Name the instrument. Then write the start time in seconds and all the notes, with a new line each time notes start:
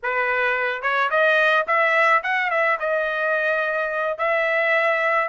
trumpet
0.03 B4
0.82 C#5
1.10 D#5
1.67 E5
2.23 F#5
2.50 E5
2.79 D#5
4.18 E5